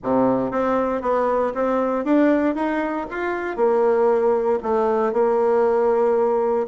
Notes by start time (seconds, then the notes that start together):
0.03 C3
0.51 C4
1.01 B3
1.54 C4
2.04 D4
2.55 D#4
3.10 F4
3.56 A#3
4.62 A3
5.13 A#3